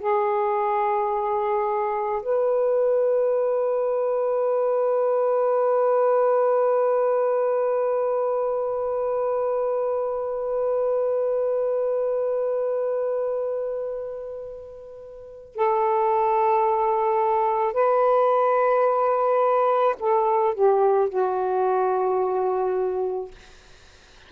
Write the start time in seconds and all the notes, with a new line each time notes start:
0.00 G#4
2.23 B4
15.56 A4
17.74 B4
20.00 A4
20.55 G4
21.10 F#4